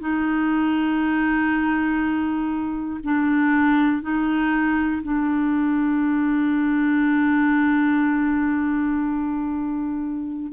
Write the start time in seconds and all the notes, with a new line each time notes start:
0.00 D#4
3.03 D4
4.02 D#4
5.03 D4